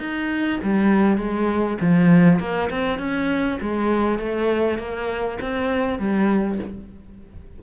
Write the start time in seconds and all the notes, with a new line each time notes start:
0.00 D#4
0.63 G3
1.18 G#3
1.81 F3
2.40 A#3
2.70 C4
2.99 C#4
3.61 G#3
4.19 A3
4.79 A#3
5.41 C4
5.99 G3